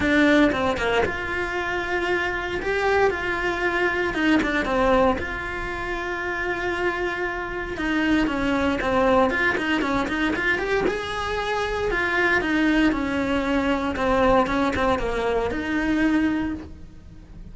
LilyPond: \new Staff \with { instrumentName = "cello" } { \time 4/4 \tempo 4 = 116 d'4 c'8 ais8 f'2~ | f'4 g'4 f'2 | dis'8 d'8 c'4 f'2~ | f'2. dis'4 |
cis'4 c'4 f'8 dis'8 cis'8 dis'8 | f'8 g'8 gis'2 f'4 | dis'4 cis'2 c'4 | cis'8 c'8 ais4 dis'2 | }